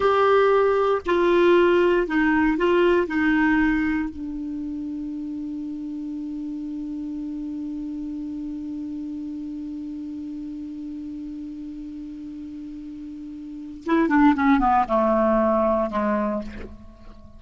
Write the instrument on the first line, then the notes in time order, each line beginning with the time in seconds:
clarinet
0.00 G4
1.06 F4
2.07 D#4
2.57 F4
3.07 D#4
4.09 D4
13.86 E4
14.09 D4
14.35 C#4
14.59 B3
14.87 A3
15.90 G#3